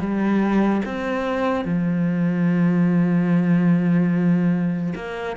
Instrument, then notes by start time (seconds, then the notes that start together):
cello
0.00 G3
0.86 C4
1.65 F3
4.95 A#3